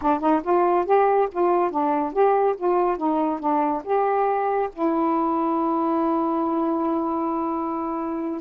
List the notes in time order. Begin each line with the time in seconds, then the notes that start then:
0.01 D4
0.20 D#4
0.43 F4
0.85 G4
1.31 F4
1.70 D4
2.12 G4
2.57 F4
2.97 D#4
3.39 D4
3.84 G4
4.72 E4